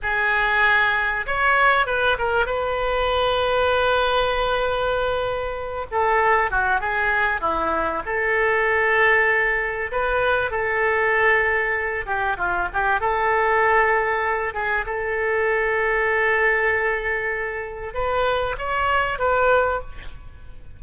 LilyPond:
\new Staff \with { instrumentName = "oboe" } { \time 4/4 \tempo 4 = 97 gis'2 cis''4 b'8 ais'8 | b'1~ | b'4. a'4 fis'8 gis'4 | e'4 a'2. |
b'4 a'2~ a'8 g'8 | f'8 g'8 a'2~ a'8 gis'8 | a'1~ | a'4 b'4 cis''4 b'4 | }